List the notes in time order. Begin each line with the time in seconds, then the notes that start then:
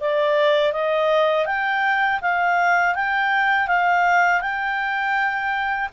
0.00 D5
0.72 D#5
1.46 G5
2.21 F5
2.95 G5
3.67 F5
4.41 G5